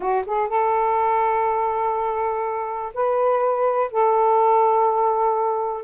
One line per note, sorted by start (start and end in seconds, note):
0.00 0.24 F#4
0.25 0.49 G#4
0.49 2.92 A4
2.94 3.91 B4
3.91 5.83 A4